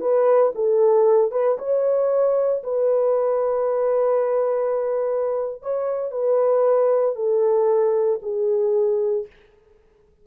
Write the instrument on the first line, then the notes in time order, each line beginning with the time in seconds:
horn
0.00 B4
0.55 A4
1.32 B4
1.58 C#5
2.64 B4
5.63 C#5
6.11 B4
7.15 A4
8.22 G#4